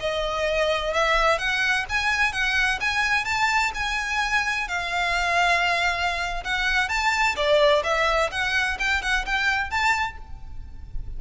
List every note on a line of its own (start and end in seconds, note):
0.00 0.93 D#5
0.93 1.38 E5
1.38 1.85 F#5
1.89 2.32 G#5
2.32 2.79 F#5
2.80 3.25 G#5
3.25 3.72 A5
3.74 4.68 G#5
4.68 6.43 F5
6.44 6.89 F#5
6.89 7.36 A5
7.36 7.83 D5
7.83 8.30 E5
8.31 8.78 F#5
8.79 9.02 G5
9.02 9.25 F#5
9.26 9.70 G5
9.70 10.17 A5